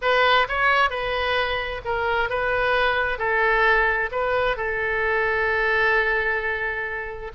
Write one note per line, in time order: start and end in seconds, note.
0.01 0.47 B4
0.48 0.90 C#5
0.90 1.81 B4
1.84 2.29 A#4
2.29 3.18 B4
3.18 4.10 A4
4.11 4.57 B4
4.57 7.31 A4